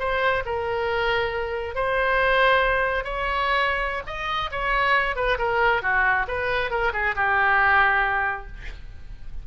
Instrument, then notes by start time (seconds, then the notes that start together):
oboe
0.00 C5
0.46 A#4
1.75 C5
3.04 C#5
4.07 D#5
4.52 C#5
5.16 B4
5.39 A#4
5.83 F#4
6.28 B4
6.71 A#4
6.93 G#4
7.16 G4